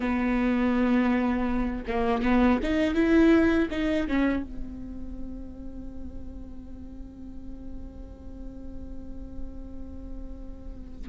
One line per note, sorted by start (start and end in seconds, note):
0.00 1.84 B3
1.87 2.22 A#3
2.22 2.59 B3
2.62 2.94 D#4
2.94 3.68 E4
3.70 4.07 D#4
4.07 4.43 C#4
4.43 11.08 C4